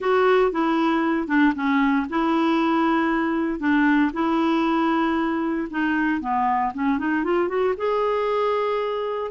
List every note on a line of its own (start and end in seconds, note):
0.00 0.51 F#4
0.51 1.27 E4
1.27 1.53 D4
1.55 2.06 C#4
2.09 3.59 E4
3.59 4.11 D4
4.13 5.68 E4
5.70 6.20 D#4
6.20 6.72 B3
6.74 6.98 C#4
6.98 7.24 D#4
7.24 7.48 F4
7.48 7.74 F#4
7.77 9.31 G#4